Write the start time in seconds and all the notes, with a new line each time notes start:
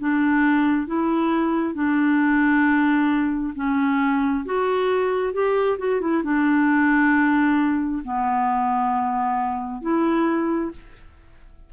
0.00 D4
0.87 E4
1.75 D4
3.56 C#4
4.46 F#4
5.34 G4
5.79 F#4
6.02 E4
6.24 D4
8.05 B3
9.82 E4